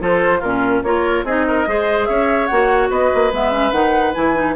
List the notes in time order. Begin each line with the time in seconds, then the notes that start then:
0.00 F3 F4 A4 C5
0.39 A#2 C#4 F4 A#4
0.83 A#3 F4 A#4 C#5
1.24 C4 D#4 G#4 D#5
1.48 A#4
1.67 G#3 G#4 C5
2.06 C#4 C#5 E5
2.46 A#3 F#4 F#5
2.89 B3 B4 D#5
3.14 A#3
3.32 G#3 B3 E5
3.51 C#4
3.71 D#3 D#4 F#5
4.14 E3 E4 G#5
4.35 D#4